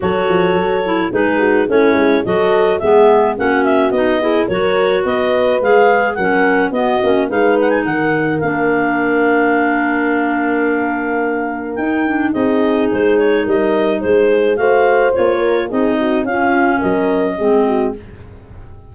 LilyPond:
<<
  \new Staff \with { instrumentName = "clarinet" } { \time 4/4 \tempo 4 = 107 cis''2 b'4 cis''4 | dis''4 e''4 fis''8 e''8 dis''4 | cis''4 dis''4 f''4 fis''4 | dis''4 f''8 fis''16 gis''16 fis''4 f''4~ |
f''1~ | f''4 g''4 dis''4 c''8 cis''8 | dis''4 c''4 f''4 cis''4 | dis''4 f''4 dis''2 | }
  \new Staff \with { instrumentName = "horn" } { \time 4/4 a'2 gis'8 fis'8 e'4 | a'4 gis'4 fis'4. gis'8 | ais'4 b'2 ais'4 | fis'4 b'4 ais'2~ |
ais'1~ | ais'2 gis'2 | ais'4 gis'4 c''4. ais'8 | gis'8 fis'8 f'4 ais'4 gis'8 fis'8 | }
  \new Staff \with { instrumentName = "clarinet" } { \time 4/4 fis'4. e'8 dis'4 cis'4 | fis'4 b4 cis'4 dis'8 e'8 | fis'2 gis'4 cis'4 | b8 cis'8 dis'2 d'4~ |
d'1~ | d'4 dis'8 d'8 dis'2~ | dis'2 fis'4 f'4 | dis'4 cis'2 c'4 | }
  \new Staff \with { instrumentName = "tuba" } { \time 4/4 fis8 f8 fis4 gis4 a8 gis8 | fis4 gis4 ais4 b4 | fis4 b4 gis4 fis4 | b8 ais8 gis4 dis4 ais4~ |
ais1~ | ais4 dis'4 c'4 gis4 | g4 gis4 a4 ais4 | c'4 cis'4 fis4 gis4 | }
>>